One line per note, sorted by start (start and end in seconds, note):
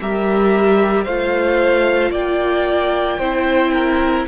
0.00 1.06 G3
0.00 1.07 G4
0.00 1.04 A#4
0.00 1.04 E5
1.04 2.11 A3
1.04 3.21 F4
1.04 2.11 C5
1.04 2.11 F5
2.11 3.18 A#3
2.11 3.18 D5
2.11 4.27 G5
3.18 4.26 C4
3.18 4.27 E4
3.18 3.71 C5
3.73 4.26 A#4